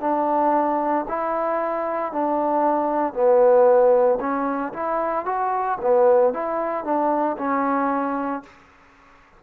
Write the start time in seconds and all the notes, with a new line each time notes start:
0.00 D4
1.08 E4
2.12 D4
3.13 B3
4.20 C#4
4.73 E4
5.25 F#4
5.81 B3
6.33 E4
6.84 D4
7.37 C#4